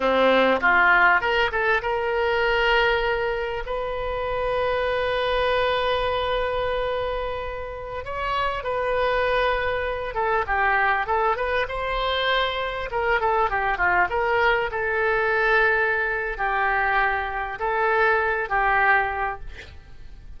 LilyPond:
\new Staff \with { instrumentName = "oboe" } { \time 4/4 \tempo 4 = 99 c'4 f'4 ais'8 a'8 ais'4~ | ais'2 b'2~ | b'1~ | b'4~ b'16 cis''4 b'4.~ b'16~ |
b'8. a'8 g'4 a'8 b'8 c''8.~ | c''4~ c''16 ais'8 a'8 g'8 f'8 ais'8.~ | ais'16 a'2~ a'8. g'4~ | g'4 a'4. g'4. | }